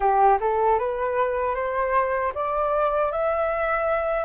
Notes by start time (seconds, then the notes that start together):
0.00 G4
0.40 A4
0.78 B4
1.54 C5
2.34 D5
3.11 E5